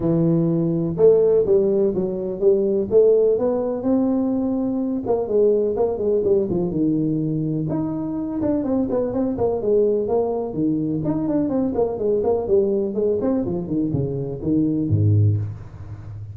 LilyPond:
\new Staff \with { instrumentName = "tuba" } { \time 4/4 \tempo 4 = 125 e2 a4 g4 | fis4 g4 a4 b4 | c'2~ c'8 ais8 gis4 | ais8 gis8 g8 f8 dis2 |
dis'4. d'8 c'8 b8 c'8 ais8 | gis4 ais4 dis4 dis'8 d'8 | c'8 ais8 gis8 ais8 g4 gis8 c'8 | f8 dis8 cis4 dis4 gis,4 | }